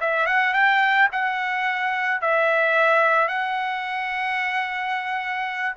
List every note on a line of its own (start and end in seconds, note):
0.00 0.26 E5
0.26 0.53 F#5
0.53 1.08 G5
1.12 2.21 F#5
2.21 3.28 E5
3.28 5.75 F#5